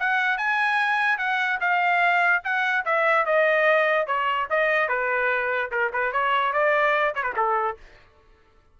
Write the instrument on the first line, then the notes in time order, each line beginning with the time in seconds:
trumpet
0.00 F#5
0.38 G#5
1.18 F#5
1.61 F5
2.44 F#5
2.85 E5
3.26 D#5
4.07 C#5
4.51 D#5
4.89 B4
5.72 A#4
5.93 B4
6.13 C#5
6.53 D5
7.15 C#5
7.23 B4
7.37 A4